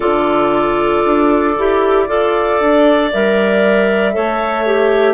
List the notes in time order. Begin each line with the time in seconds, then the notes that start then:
0.00 D3 F4 A4 D5
1.05 D4
1.58 E4 G4
2.07 F4 A4 D5
2.60 D4
3.12 G3 A#4 E5
4.12 A3 A4 C#5
4.65 G4